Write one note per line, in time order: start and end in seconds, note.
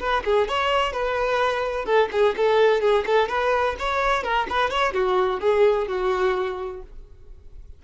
0.00 0.24 B4
0.25 0.48 G#4
0.48 0.93 C#5
0.93 1.86 B4
1.86 2.09 A4
2.12 2.36 G#4
2.37 2.81 A4
2.81 3.05 G#4
3.06 3.29 A4
3.29 3.76 B4
3.79 4.24 C#5
4.24 4.47 A#4
4.49 4.71 B4
4.71 4.93 C#5
4.93 5.41 F#4
5.41 5.88 G#4
5.88 6.82 F#4